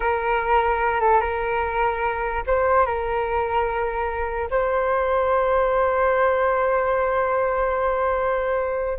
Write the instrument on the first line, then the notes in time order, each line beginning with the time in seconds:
flute
0.00 A#4
1.00 A4
1.20 A#4
2.46 C5
2.86 A#4
4.50 C5